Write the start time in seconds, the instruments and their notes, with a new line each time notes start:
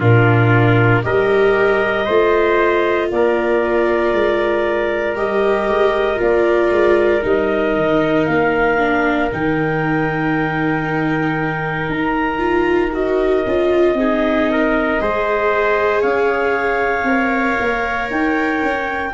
0.00 tuba A#2, viola D4, trumpet F4, clarinet A#4
1.03 tuba G3, viola G4, trumpet A#4, clarinet D#5
2.05 tuba A3, viola F4, trumpet C5
3.11 tuba A#3, trumpet A#4, clarinet D5
4.13 tuba G#3
5.15 tuba G3, viola G4, clarinet D#5
5.68 tuba G#3
6.17 tuba A#3, viola F4, clarinet D5
6.71 tuba G#3
7.22 tuba G3, viola D#4, clarinet D#5
7.76 tuba D#3
8.26 tuba A#3, clarinet F5
8.78 viola D4
9.32 tuba D#3, viola D#4, clarinet G5
11.89 tuba D#4, clarinet A#5
12.38 viola F4
12.92 viola F#4, clarinet D#5
13.46 tuba C#4, viola F4
13.94 tuba C4, viola D#4, trumpet G#4
14.51 trumpet A#4
15.00 tuba G#3, viola G#4, trumpet C5
16.01 tuba C#4, trumpet C#5, clarinet F5
17.04 tuba C4, viola A#4
17.60 tuba A#3
18.11 tuba D#4, clarinet G5
18.62 tuba C#4